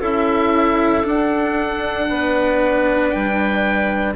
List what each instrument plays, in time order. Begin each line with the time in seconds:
0.00 bassoon C#4, cello E4, clarinet A4, oboe E5
1.03 cello D4, bassoon D4, oboe F#5
2.09 bassoon B3, clarinet B4
3.10 bassoon G3, oboe G5